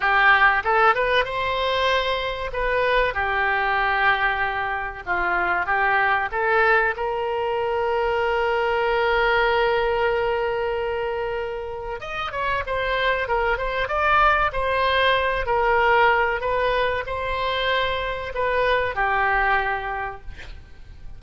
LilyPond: \new Staff \with { instrumentName = "oboe" } { \time 4/4 \tempo 4 = 95 g'4 a'8 b'8 c''2 | b'4 g'2. | f'4 g'4 a'4 ais'4~ | ais'1~ |
ais'2. dis''8 cis''8 | c''4 ais'8 c''8 d''4 c''4~ | c''8 ais'4. b'4 c''4~ | c''4 b'4 g'2 | }